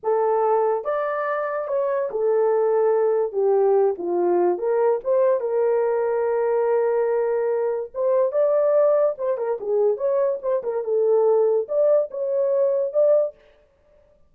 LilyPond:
\new Staff \with { instrumentName = "horn" } { \time 4/4 \tempo 4 = 144 a'2 d''2 | cis''4 a'2. | g'4. f'4. ais'4 | c''4 ais'2.~ |
ais'2. c''4 | d''2 c''8 ais'8 gis'4 | cis''4 c''8 ais'8 a'2 | d''4 cis''2 d''4 | }